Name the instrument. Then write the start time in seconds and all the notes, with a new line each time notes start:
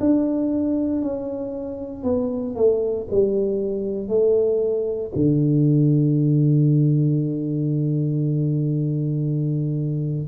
tuba
0.00 D4
1.02 C#4
2.04 B3
2.56 A3
3.11 G3
4.08 A3
5.15 D3